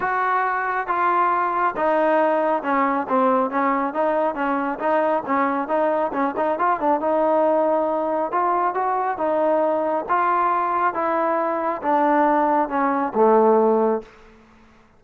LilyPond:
\new Staff \with { instrumentName = "trombone" } { \time 4/4 \tempo 4 = 137 fis'2 f'2 | dis'2 cis'4 c'4 | cis'4 dis'4 cis'4 dis'4 | cis'4 dis'4 cis'8 dis'8 f'8 d'8 |
dis'2. f'4 | fis'4 dis'2 f'4~ | f'4 e'2 d'4~ | d'4 cis'4 a2 | }